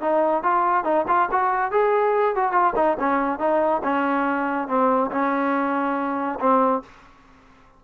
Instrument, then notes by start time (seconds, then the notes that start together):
trombone
0.00 D#4
0.43 F4
0.84 D#4
1.07 F4
1.31 F#4
1.71 G#4
2.35 F#4
2.52 F4
2.75 D#4
2.99 C#4
3.39 D#4
3.83 C#4
4.68 C4
5.11 C#4
6.39 C4